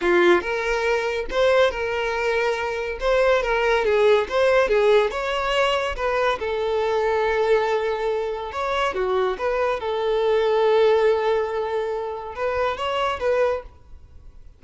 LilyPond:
\new Staff \with { instrumentName = "violin" } { \time 4/4 \tempo 4 = 141 f'4 ais'2 c''4 | ais'2. c''4 | ais'4 gis'4 c''4 gis'4 | cis''2 b'4 a'4~ |
a'1 | cis''4 fis'4 b'4 a'4~ | a'1~ | a'4 b'4 cis''4 b'4 | }